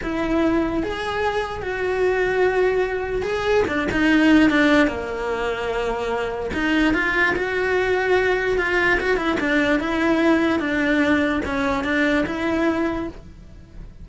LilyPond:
\new Staff \with { instrumentName = "cello" } { \time 4/4 \tempo 4 = 147 e'2 gis'2 | fis'1 | gis'4 d'8 dis'4. d'4 | ais1 |
dis'4 f'4 fis'2~ | fis'4 f'4 fis'8 e'8 d'4 | e'2 d'2 | cis'4 d'4 e'2 | }